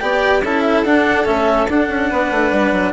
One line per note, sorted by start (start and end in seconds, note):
0.00 0.42 B3
0.00 0.42 G4
0.00 0.42 D5
0.00 0.42 G5
0.42 0.84 C#4
0.42 0.86 E4
0.42 2.10 A4
0.42 0.61 A5
0.61 0.82 E5
0.84 1.26 D4
0.84 1.25 D4
0.84 1.26 F#5
1.25 1.68 A3
1.25 1.67 C#4
1.25 1.68 E5
1.68 1.89 D4
1.68 2.93 D4
1.68 2.93 F#5
1.89 2.10 C#4
2.10 2.31 B3
2.10 2.93 B4
2.31 2.51 A3
2.51 2.72 G3
2.72 2.93 F#3